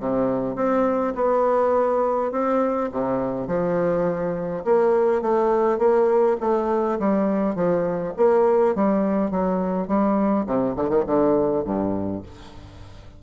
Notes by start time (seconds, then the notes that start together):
0.00 C3
0.56 C4
1.15 B3
2.32 C4
2.92 C3
3.48 F3
4.65 A#3
5.22 A3
5.79 A#3
6.41 A3
7.00 G3
7.55 F3
8.17 A#3
8.76 G3
9.31 F#3
9.88 G3
10.47 C3
10.76 D3
10.89 D#3
11.07 D3
11.65 G2